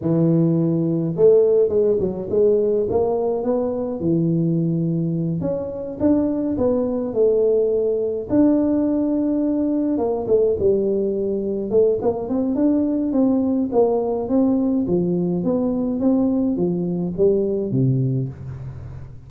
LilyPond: \new Staff \with { instrumentName = "tuba" } { \time 4/4 \tempo 4 = 105 e2 a4 gis8 fis8 | gis4 ais4 b4 e4~ | e4. cis'4 d'4 b8~ | b8 a2 d'4.~ |
d'4. ais8 a8 g4.~ | g8 a8 ais8 c'8 d'4 c'4 | ais4 c'4 f4 b4 | c'4 f4 g4 c4 | }